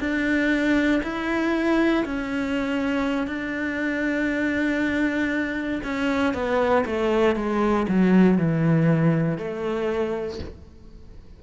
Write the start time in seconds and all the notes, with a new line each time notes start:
0.00 D4
1.04 E4
2.05 C#4
3.27 D4
5.84 C#4
6.34 B3
6.86 A3
7.36 G#3
7.89 F#3
8.38 E3
9.38 A3